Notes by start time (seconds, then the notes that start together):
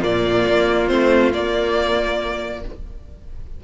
0.00 A#2 A#3 F4 D5
0.48 A#3
0.88 A3 C4 C5
1.33 A#3 D5